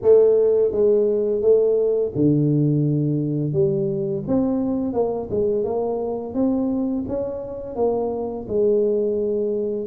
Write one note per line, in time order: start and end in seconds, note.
0.02 0.71 A3
0.71 1.41 G#3
1.41 2.12 A3
2.15 3.52 D3
3.52 4.23 G3
4.27 4.93 C4
4.93 5.28 A#3
5.30 5.63 G#3
5.63 6.34 A#3
6.34 7.04 C4
7.07 7.75 C#4
7.75 8.46 A#3
8.48 9.86 G#3